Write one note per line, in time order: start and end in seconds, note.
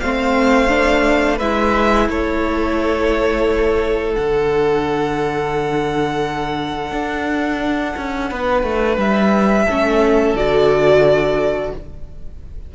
0.00 1.40 A3
0.00 0.69 C4
0.00 1.37 C5
0.00 1.38 F5
0.69 1.37 D4
1.37 2.08 G#3
1.37 4.16 E4
1.37 2.06 B4
1.37 2.07 E5
2.08 4.15 A3
2.08 8.29 A4
2.08 4.14 C#5
4.14 6.91 D3
4.14 9.67 D4
4.14 8.97 F#5
6.91 7.95 D4
7.96 8.31 C#4
8.29 8.63 B3
8.29 9.65 B4
8.63 8.97 A3
8.97 9.66 G3
8.97 10.36 E5
9.65 10.34 A3
9.65 10.37 C#4
9.65 11.71 A4
10.34 11.72 D3
10.34 11.75 F#4
10.34 11.74 D5